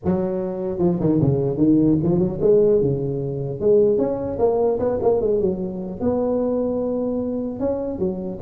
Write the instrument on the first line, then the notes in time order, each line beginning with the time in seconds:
tuba
0.05 F#3
0.79 F3
0.99 D#3
1.21 C#3
1.57 D#3
2.02 F3
2.18 F#3
2.41 G#3
2.81 C#3
3.60 G#3
3.98 C#4
4.38 A#3
4.79 B3
5.02 A#3
5.21 G#3
5.40 F#3
6.00 B3
7.59 C#4
7.99 F#3